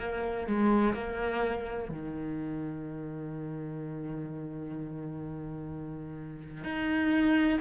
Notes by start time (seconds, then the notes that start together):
0.00 A#3
0.48 G#3
0.94 A#3
1.90 D#3
6.65 D#4